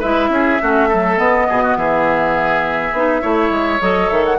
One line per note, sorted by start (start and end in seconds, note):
0.00 0.30 G#3
0.00 0.61 E4
0.00 0.29 B4
0.00 1.19 E5
0.30 0.59 C#4
0.30 0.62 G#4
0.61 1.18 A3
0.61 0.90 C#4
0.61 0.89 F#4
0.89 1.17 F#3
0.89 1.47 A4
1.17 2.92 B3
1.17 1.47 B3
1.17 1.77 D#5
1.49 1.77 B2
1.49 1.63 G#4
1.63 1.78 F#4
1.77 2.92 E3
1.77 3.22 G#4
1.77 3.82 E5
2.92 3.21 B3
2.92 3.22 D#4
3.22 3.50 A3
3.22 3.80 E4
3.22 4.38 C#5
3.50 3.79 G#3
3.81 4.11 F#3
3.81 4.39 A4
3.81 4.10 D#5
4.10 4.39 D#3
4.10 4.24 E5
4.26 4.39 F#5